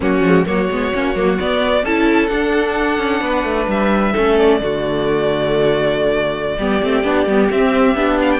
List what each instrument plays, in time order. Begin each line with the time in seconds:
0.00 cello F#3, viola A#3, violin C#4 F#4
0.21 cello F3, viola G#3
0.45 cello F#3, viola A#3, violin F#4 C#5
0.70 cello G#3, viola B3
0.93 cello A#3, viola C#4
1.15 cello F#3, viola A#3
1.38 viola B3, cello B3, violin D5
1.83 cello C#4, viola E4, violin A4 A5
2.27 viola D4, cello D4, violin F#5
2.97 cello C#4
3.20 cello B3, violin B4
3.43 cello A3
3.67 cello G3, violin E5
4.12 cello A3, viola C#4, violin A4
4.38 violin D5
4.60 cello D3, viola A3, violin F#4
6.58 cello G3, viola B3, violin G4
6.82 cello A3, viola C4
7.04 cello B3, viola D4
7.26 cello G3, viola B3
7.50 viola C4, cello C4, violin E5
7.95 cello B3, viola D4
8.21 violin F5
8.31 violin G5